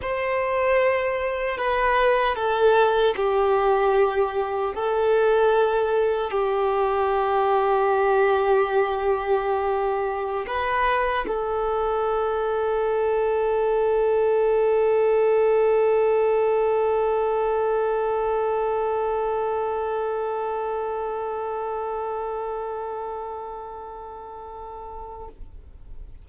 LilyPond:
\new Staff \with { instrumentName = "violin" } { \time 4/4 \tempo 4 = 76 c''2 b'4 a'4 | g'2 a'2 | g'1~ | g'4~ g'16 b'4 a'4.~ a'16~ |
a'1~ | a'1~ | a'1~ | a'1 | }